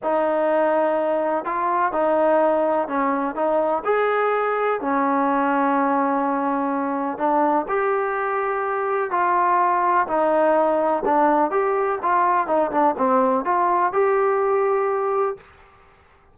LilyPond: \new Staff \with { instrumentName = "trombone" } { \time 4/4 \tempo 4 = 125 dis'2. f'4 | dis'2 cis'4 dis'4 | gis'2 cis'2~ | cis'2. d'4 |
g'2. f'4~ | f'4 dis'2 d'4 | g'4 f'4 dis'8 d'8 c'4 | f'4 g'2. | }